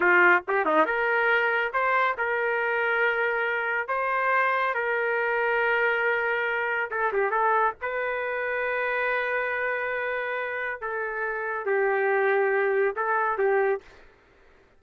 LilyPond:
\new Staff \with { instrumentName = "trumpet" } { \time 4/4 \tempo 4 = 139 f'4 g'8 dis'8 ais'2 | c''4 ais'2.~ | ais'4 c''2 ais'4~ | ais'1 |
a'8 g'8 a'4 b'2~ | b'1~ | b'4 a'2 g'4~ | g'2 a'4 g'4 | }